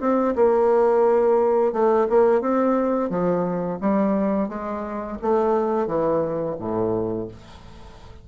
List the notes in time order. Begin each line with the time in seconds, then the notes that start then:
0.00 C4
0.35 A#3
1.72 A3
2.09 A#3
2.41 C4
3.10 F3
3.80 G3
4.49 G#3
5.22 A3
5.87 E3
6.59 A2